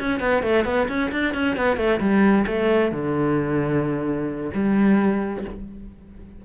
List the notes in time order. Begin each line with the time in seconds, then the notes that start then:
0.00 C#4
0.20 B3
0.43 A3
0.65 B3
0.89 C#4
1.12 D4
1.34 C#4
1.57 B3
1.77 A3
2.00 G3
2.47 A3
2.92 D3
4.54 G3